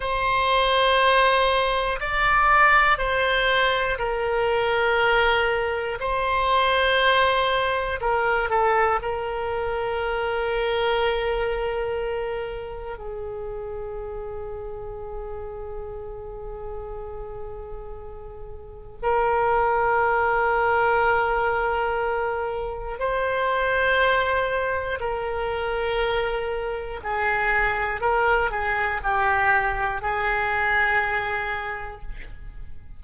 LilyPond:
\new Staff \with { instrumentName = "oboe" } { \time 4/4 \tempo 4 = 60 c''2 d''4 c''4 | ais'2 c''2 | ais'8 a'8 ais'2.~ | ais'4 gis'2.~ |
gis'2. ais'4~ | ais'2. c''4~ | c''4 ais'2 gis'4 | ais'8 gis'8 g'4 gis'2 | }